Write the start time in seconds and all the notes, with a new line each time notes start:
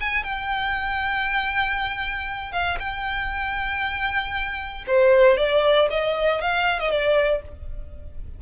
0.00 G#5
0.23 G5
2.52 F5
2.79 G5
4.87 C5
5.38 D5
5.90 D#5
6.41 F5
6.79 D#5
6.91 D5